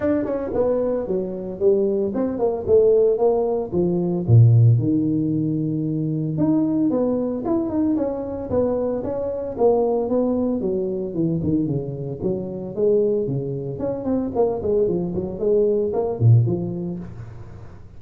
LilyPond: \new Staff \with { instrumentName = "tuba" } { \time 4/4 \tempo 4 = 113 d'8 cis'8 b4 fis4 g4 | c'8 ais8 a4 ais4 f4 | ais,4 dis2. | dis'4 b4 e'8 dis'8 cis'4 |
b4 cis'4 ais4 b4 | fis4 e8 dis8 cis4 fis4 | gis4 cis4 cis'8 c'8 ais8 gis8 | f8 fis8 gis4 ais8 ais,8 f4 | }